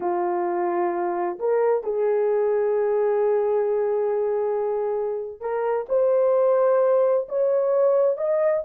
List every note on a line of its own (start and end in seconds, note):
0.00 1.38 F4
1.39 1.83 A#4
1.83 5.40 G#4
5.40 5.86 A#4
5.88 7.27 C5
7.28 8.17 C#5
8.17 8.63 D#5